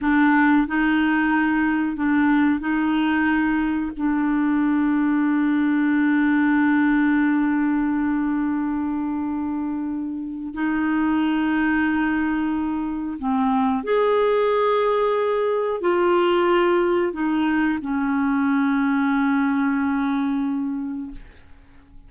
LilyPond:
\new Staff \with { instrumentName = "clarinet" } { \time 4/4 \tempo 4 = 91 d'4 dis'2 d'4 | dis'2 d'2~ | d'1~ | d'1 |
dis'1 | c'4 gis'2. | f'2 dis'4 cis'4~ | cis'1 | }